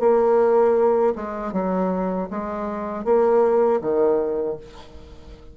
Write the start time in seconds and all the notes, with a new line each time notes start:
0.00 A#3
1.16 G#3
1.53 F#3
2.30 G#3
3.04 A#3
3.81 D#3